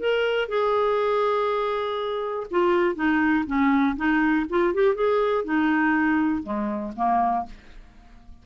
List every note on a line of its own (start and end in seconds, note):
0.00 0.49 A#4
0.49 2.47 G#4
2.51 2.96 F4
2.96 3.45 D#4
3.47 3.96 C#4
3.97 4.46 D#4
4.50 4.74 F4
4.74 4.95 G4
4.95 5.45 G#4
5.45 6.43 D#4
6.43 6.93 G#3
6.96 7.46 A#3